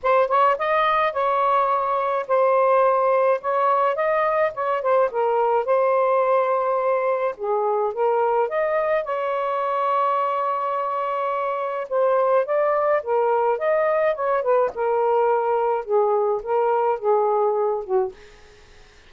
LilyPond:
\new Staff \with { instrumentName = "saxophone" } { \time 4/4 \tempo 4 = 106 c''8 cis''8 dis''4 cis''2 | c''2 cis''4 dis''4 | cis''8 c''8 ais'4 c''2~ | c''4 gis'4 ais'4 dis''4 |
cis''1~ | cis''4 c''4 d''4 ais'4 | dis''4 cis''8 b'8 ais'2 | gis'4 ais'4 gis'4. fis'8 | }